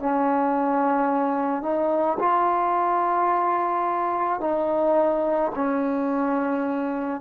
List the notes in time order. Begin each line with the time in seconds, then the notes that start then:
0.00 C#4
1.63 D#4
2.20 F4
4.41 D#4
5.56 C#4